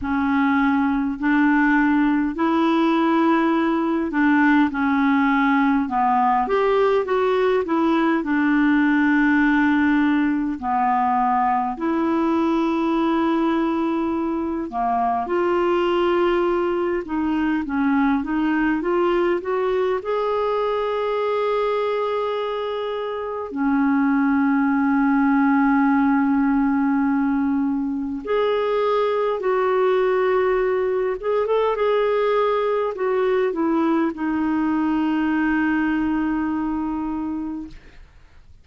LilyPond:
\new Staff \with { instrumentName = "clarinet" } { \time 4/4 \tempo 4 = 51 cis'4 d'4 e'4. d'8 | cis'4 b8 g'8 fis'8 e'8 d'4~ | d'4 b4 e'2~ | e'8 ais8 f'4. dis'8 cis'8 dis'8 |
f'8 fis'8 gis'2. | cis'1 | gis'4 fis'4. gis'16 a'16 gis'4 | fis'8 e'8 dis'2. | }